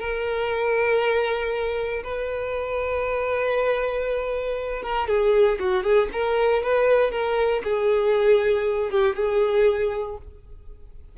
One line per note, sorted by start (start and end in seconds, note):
0.00 2.03 A#4
2.04 4.83 B4
4.83 5.08 A#4
5.08 5.59 G#4
5.60 5.84 F#4
5.84 6.09 G#4
6.13 6.63 A#4
6.63 7.12 B4
7.12 7.63 A#4
7.64 8.91 G#4
8.91 9.16 G4
9.16 10.18 G#4